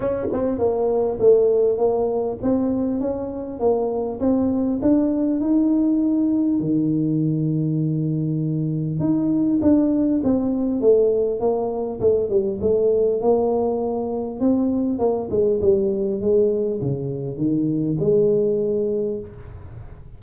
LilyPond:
\new Staff \with { instrumentName = "tuba" } { \time 4/4 \tempo 4 = 100 cis'8 c'8 ais4 a4 ais4 | c'4 cis'4 ais4 c'4 | d'4 dis'2 dis4~ | dis2. dis'4 |
d'4 c'4 a4 ais4 | a8 g8 a4 ais2 | c'4 ais8 gis8 g4 gis4 | cis4 dis4 gis2 | }